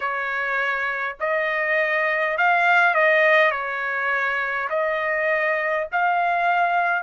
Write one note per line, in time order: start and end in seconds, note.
0.00 1.16 C#5
1.20 2.37 D#5
2.37 2.94 F5
2.94 3.51 D#5
3.51 4.68 C#5
4.69 5.87 D#5
5.91 7.02 F5